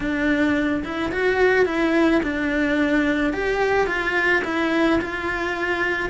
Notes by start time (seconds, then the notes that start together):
0.00 D4
0.83 E4
1.11 F#4
1.65 E4
2.22 D4
3.33 G4
3.86 F4
4.44 E4
5.01 F4